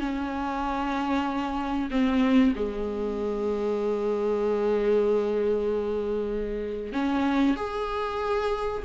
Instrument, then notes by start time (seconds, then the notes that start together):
viola
0.00 C#4
1.91 C4
2.56 G#3
6.93 C#4
7.57 G#4